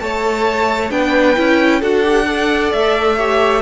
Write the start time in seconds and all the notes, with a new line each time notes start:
0.00 A3 A4 C#5 A5
0.90 B3 D4 B4 G5
1.35 C#4 E4
1.80 D4 F#4 A4 F#5
2.03 G4
2.26 A4 D5
2.72 A3 E5
3.16 G4 C#5